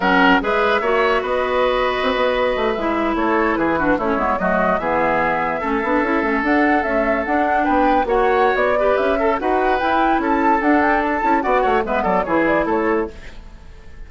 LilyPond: <<
  \new Staff \with { instrumentName = "flute" } { \time 4/4 \tempo 4 = 147 fis''4 e''2 dis''4~ | dis''2~ dis''8. e''4 cis''16~ | cis''8. b'4 cis''4 dis''4 e''16~ | e''2.~ e''8. fis''16~ |
fis''8. e''4 fis''4 g''4 fis''16~ | fis''4 d''4 e''4 fis''4 | g''4 a''4 fis''8 g''8 a''4 | fis''4 e''8 d''8 cis''8 d''8 cis''4 | }
  \new Staff \with { instrumentName = "oboe" } { \time 4/4 ais'4 b'4 cis''4 b'4~ | b'2.~ b'8. a'16~ | a'8. gis'8 fis'8 e'4 fis'4 gis'16~ | gis'4.~ gis'16 a'2~ a'16~ |
a'2~ a'8. b'4 cis''16~ | cis''4. b'4 a'8 b'4~ | b'4 a'2. | d''8 cis''8 b'8 a'8 gis'4 a'4 | }
  \new Staff \with { instrumentName = "clarinet" } { \time 4/4 cis'4 gis'4 fis'2~ | fis'2~ fis'8. e'4~ e'16~ | e'4~ e'16 d'8 cis'8 b8 a4 b16~ | b4.~ b16 cis'8 d'8 e'8 cis'8 d'16~ |
d'8. a4 d'2 fis'16~ | fis'4. g'4 a'8 fis'4 | e'2 d'4. e'8 | fis'4 b4 e'2 | }
  \new Staff \with { instrumentName = "bassoon" } { \time 4/4 fis4 gis4 ais4 b4~ | b4 c'16 b4 a8 gis4 a16~ | a8. e4 a8 gis8 fis4 e16~ | e4.~ e16 a8 b8 cis'8 a8 d'16~ |
d'8. cis'4 d'4 b4 ais16~ | ais4 b4 cis'4 dis'4 | e'4 cis'4 d'4. cis'8 | b8 a8 gis8 fis8 e4 a4 | }
>>